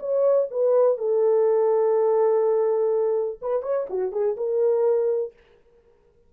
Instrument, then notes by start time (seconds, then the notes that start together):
horn
0.00 C#5
0.51 B4
0.98 A4
3.42 B4
3.63 C#5
3.90 F#4
4.12 G#4
4.37 A#4